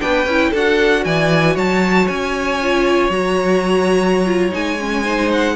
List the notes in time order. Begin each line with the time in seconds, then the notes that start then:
0.00 B3 D4 B4 G5
0.26 C#4 E4
0.51 D4 F#4 A4
0.57 F#5
1.05 E3 D5 G#5
1.55 F#3 C#5 A5
2.08 C#4 G#5
2.63 F4
3.10 F#3 F#4 A#5
4.26 F4
4.51 G#3 D#4 G#5
4.80 C#4
5.03 D#4 C5
5.32 F#5